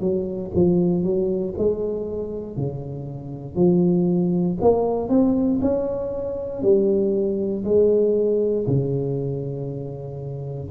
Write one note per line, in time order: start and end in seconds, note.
0.00 0.51 F#3
0.55 1.04 F3
1.04 1.54 F#3
1.58 2.56 G#3
2.56 3.55 C#3
3.55 4.57 F3
4.61 5.09 A#3
5.09 5.60 C4
5.61 6.62 C#4
6.62 7.64 G3
7.64 8.66 G#3
8.67 10.70 C#3